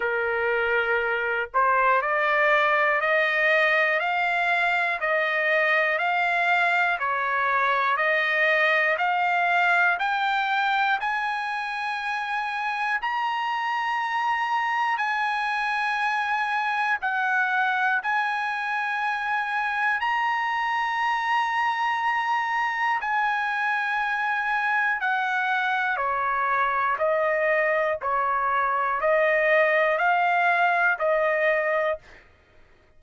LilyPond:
\new Staff \with { instrumentName = "trumpet" } { \time 4/4 \tempo 4 = 60 ais'4. c''8 d''4 dis''4 | f''4 dis''4 f''4 cis''4 | dis''4 f''4 g''4 gis''4~ | gis''4 ais''2 gis''4~ |
gis''4 fis''4 gis''2 | ais''2. gis''4~ | gis''4 fis''4 cis''4 dis''4 | cis''4 dis''4 f''4 dis''4 | }